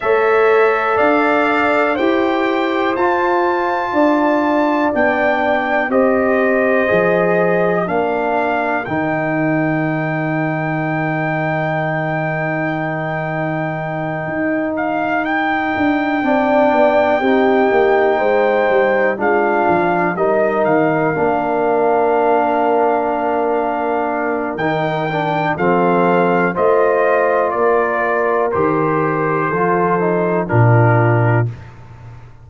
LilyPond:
<<
  \new Staff \with { instrumentName = "trumpet" } { \time 4/4 \tempo 4 = 61 e''4 f''4 g''4 a''4~ | a''4 g''4 dis''2 | f''4 g''2.~ | g''2. f''8 g''8~ |
g''2.~ g''8 f''8~ | f''8 dis''8 f''2.~ | f''4 g''4 f''4 dis''4 | d''4 c''2 ais'4 | }
  \new Staff \with { instrumentName = "horn" } { \time 4/4 cis''4 d''4 c''2 | d''2 c''2 | ais'1~ | ais'1~ |
ais'8 d''4 g'4 c''4 f'8~ | f'8 ais'2.~ ais'8~ | ais'2 a'4 c''4 | ais'2 a'4 f'4 | }
  \new Staff \with { instrumentName = "trombone" } { \time 4/4 a'2 g'4 f'4~ | f'4 d'4 g'4 gis'4 | d'4 dis'2.~ | dis'1~ |
dis'8 d'4 dis'2 d'8~ | d'8 dis'4 d'2~ d'8~ | d'4 dis'8 d'8 c'4 f'4~ | f'4 g'4 f'8 dis'8 d'4 | }
  \new Staff \with { instrumentName = "tuba" } { \time 4/4 a4 d'4 e'4 f'4 | d'4 b4 c'4 f4 | ais4 dis2.~ | dis2~ dis8 dis'4. |
d'8 c'8 b8 c'8 ais8 gis8 g8 gis8 | f8 g8 dis8 ais2~ ais8~ | ais4 dis4 f4 a4 | ais4 dis4 f4 ais,4 | }
>>